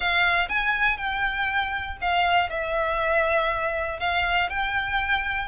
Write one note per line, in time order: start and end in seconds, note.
0.00 0.48 F5
0.48 0.97 G#5
0.97 1.97 G5
2.01 2.49 F5
2.49 3.99 E5
3.99 4.49 F5
4.49 5.47 G5